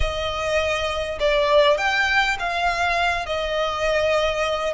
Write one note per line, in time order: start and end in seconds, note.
0.00 1.19 D#5
1.19 1.77 D5
1.77 2.37 G5
2.39 3.26 F5
3.26 4.73 D#5